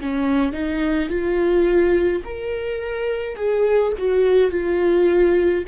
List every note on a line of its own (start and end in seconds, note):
0.00 0.52 C#4
0.52 1.09 D#4
1.09 2.22 F4
2.24 3.36 A#4
3.36 3.92 G#4
3.97 4.50 F#4
4.50 5.63 F4